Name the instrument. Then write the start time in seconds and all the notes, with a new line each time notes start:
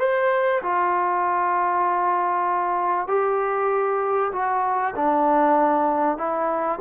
trombone
0.00 C5
0.63 F4
3.08 G4
4.33 F#4
4.96 D4
6.18 E4